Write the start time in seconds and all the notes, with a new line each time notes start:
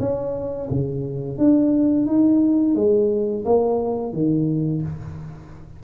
0.00 C#4
0.71 C#3
1.38 D4
2.06 D#4
2.75 G#3
3.45 A#3
4.13 D#3